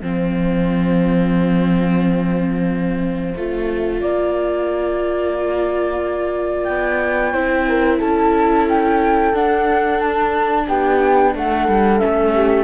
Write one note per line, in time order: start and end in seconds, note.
0.00 3.35 F3
0.00 3.35 C4
0.00 4.00 C5
0.00 6.63 F5
3.35 4.02 A3
3.35 7.34 F4
4.00 6.68 A#3
4.00 7.33 D5
6.63 7.34 B3
6.63 7.97 G5
7.33 8.00 C4
7.33 9.34 E4
7.33 7.66 C5
7.69 7.98 A#4
7.98 9.33 C#4
7.98 10.65 A4
7.98 8.66 A5
8.69 9.35 G5
9.33 10.67 D4
9.33 11.99 D4
9.33 10.00 F#5
10.00 10.67 A5
10.68 11.35 B3
10.68 11.34 G4
10.68 11.35 G5
11.35 11.68 A3
11.35 12.34 A4
11.35 11.99 F#5
11.68 12.01 G3
11.99 12.64 C#4
11.99 12.64 E5
12.06 12.64 A3
12.34 12.64 G4